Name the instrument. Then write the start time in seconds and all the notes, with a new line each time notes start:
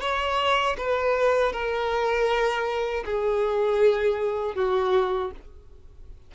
violin
0.00 C#5
0.77 B4
1.52 A#4
3.04 G#4
4.55 F#4